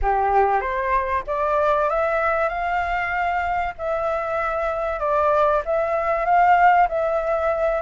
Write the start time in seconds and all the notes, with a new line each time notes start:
0.01 G4
0.61 C5
1.27 D5
1.89 E5
2.49 F5
3.78 E5
4.99 D5
5.65 E5
6.25 F5
6.88 E5